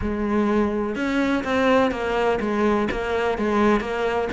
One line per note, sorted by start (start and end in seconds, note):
0.01 0.95 G#3
0.95 1.43 C#4
1.44 1.91 C4
1.91 2.39 A#3
2.40 2.88 G#3
2.91 3.38 A#3
3.38 3.80 G#3
3.80 4.28 A#3